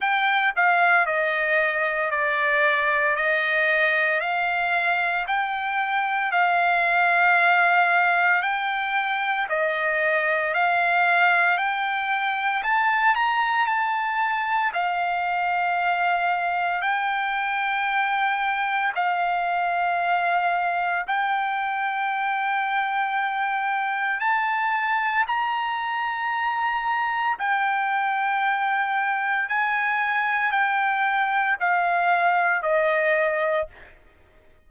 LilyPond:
\new Staff \with { instrumentName = "trumpet" } { \time 4/4 \tempo 4 = 57 g''8 f''8 dis''4 d''4 dis''4 | f''4 g''4 f''2 | g''4 dis''4 f''4 g''4 | a''8 ais''8 a''4 f''2 |
g''2 f''2 | g''2. a''4 | ais''2 g''2 | gis''4 g''4 f''4 dis''4 | }